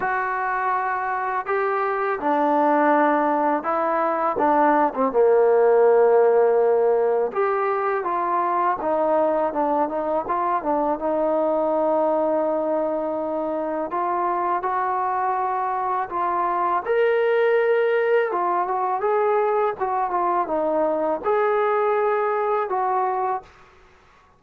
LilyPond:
\new Staff \with { instrumentName = "trombone" } { \time 4/4 \tempo 4 = 82 fis'2 g'4 d'4~ | d'4 e'4 d'8. c'16 ais4~ | ais2 g'4 f'4 | dis'4 d'8 dis'8 f'8 d'8 dis'4~ |
dis'2. f'4 | fis'2 f'4 ais'4~ | ais'4 f'8 fis'8 gis'4 fis'8 f'8 | dis'4 gis'2 fis'4 | }